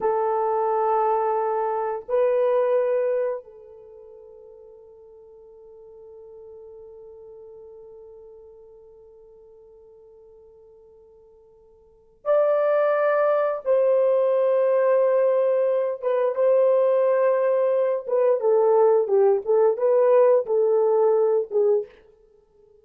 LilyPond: \new Staff \with { instrumentName = "horn" } { \time 4/4 \tempo 4 = 88 a'2. b'4~ | b'4 a'2.~ | a'1~ | a'1~ |
a'2 d''2 | c''2.~ c''8 b'8 | c''2~ c''8 b'8 a'4 | g'8 a'8 b'4 a'4. gis'8 | }